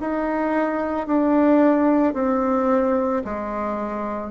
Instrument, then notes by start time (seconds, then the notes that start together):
bassoon
0.00 D#4
1.06 D4
2.13 C4
3.24 G#3